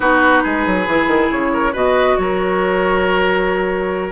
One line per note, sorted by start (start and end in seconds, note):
0.00 0.42 B3
0.00 0.85 D#4
0.00 0.43 F#4
0.00 1.28 B4
0.43 0.66 G#3
0.43 1.52 G#4
0.66 0.87 F#3
0.87 1.07 E3
0.87 1.73 E4
1.07 1.29 D#3
1.30 1.73 C#3
1.30 1.74 C#5
1.53 1.72 A#4
1.72 2.17 B2
1.72 4.12 F#4
1.72 2.16 B4
1.72 2.17 D#5
2.17 4.12 F#3
2.17 4.12 A#4
2.17 4.12 C#5